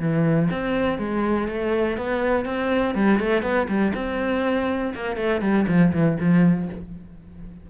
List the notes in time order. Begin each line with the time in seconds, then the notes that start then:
0.00 E3
0.51 C4
0.99 G#3
1.48 A3
1.98 B3
2.46 C4
2.95 G3
3.20 A3
3.43 B3
3.69 G3
3.95 C4
4.95 A#3
5.17 A3
5.42 G3
5.68 F3
5.93 E3
6.21 F3